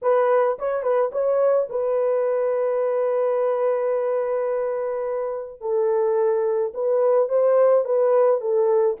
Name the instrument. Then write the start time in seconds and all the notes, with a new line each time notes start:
horn
0.02 B4
0.59 C#5
0.83 B4
1.12 C#5
1.69 B4
5.60 A4
6.73 B4
7.28 C5
7.85 B4
8.40 A4